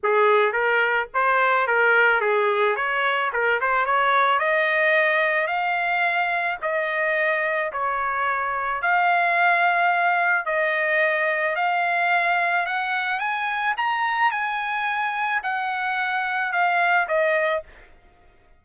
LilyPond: \new Staff \with { instrumentName = "trumpet" } { \time 4/4 \tempo 4 = 109 gis'4 ais'4 c''4 ais'4 | gis'4 cis''4 ais'8 c''8 cis''4 | dis''2 f''2 | dis''2 cis''2 |
f''2. dis''4~ | dis''4 f''2 fis''4 | gis''4 ais''4 gis''2 | fis''2 f''4 dis''4 | }